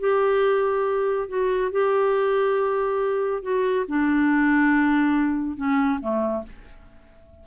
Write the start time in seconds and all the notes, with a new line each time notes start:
0.00 G4
1.29 F#4
1.72 G4
3.43 F#4
3.88 D4
5.57 C#4
6.01 A3